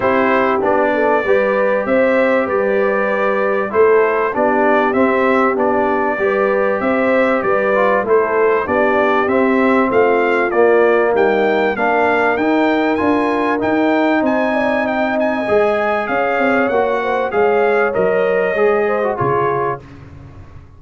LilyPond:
<<
  \new Staff \with { instrumentName = "trumpet" } { \time 4/4 \tempo 4 = 97 c''4 d''2 e''4 | d''2 c''4 d''4 | e''4 d''2 e''4 | d''4 c''4 d''4 e''4 |
f''4 d''4 g''4 f''4 | g''4 gis''4 g''4 gis''4 | g''8 gis''4. f''4 fis''4 | f''4 dis''2 cis''4 | }
  \new Staff \with { instrumentName = "horn" } { \time 4/4 g'4. a'8 b'4 c''4 | b'2 a'4 g'4~ | g'2 b'4 c''4 | b'4 a'4 g'2 |
f'2 dis'4 ais'4~ | ais'2. c''8 d''8 | dis''2 cis''4. c''8 | cis''2~ cis''8 c''8 gis'4 | }
  \new Staff \with { instrumentName = "trombone" } { \time 4/4 e'4 d'4 g'2~ | g'2 e'4 d'4 | c'4 d'4 g'2~ | g'8 f'8 e'4 d'4 c'4~ |
c'4 ais2 d'4 | dis'4 f'4 dis'2~ | dis'4 gis'2 fis'4 | gis'4 ais'4 gis'8. fis'16 f'4 | }
  \new Staff \with { instrumentName = "tuba" } { \time 4/4 c'4 b4 g4 c'4 | g2 a4 b4 | c'4 b4 g4 c'4 | g4 a4 b4 c'4 |
a4 ais4 g4 ais4 | dis'4 d'4 dis'4 c'4~ | c'4 gis4 cis'8 c'8 ais4 | gis4 fis4 gis4 cis4 | }
>>